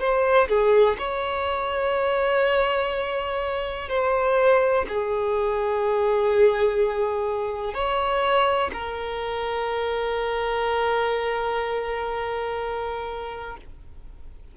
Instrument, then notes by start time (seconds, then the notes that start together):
violin
0.00 C5
0.48 G#4
0.99 C#5
3.89 C5
4.88 G#4
7.74 C#5
8.73 A#4